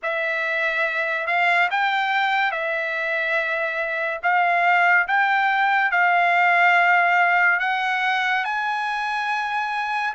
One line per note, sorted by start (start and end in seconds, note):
0.02 1.26 E5
1.26 1.69 F5
1.71 2.51 G5
2.51 4.20 E5
4.23 5.07 F5
5.07 5.91 G5
5.91 7.59 F5
7.59 8.44 F#5
8.44 10.13 G#5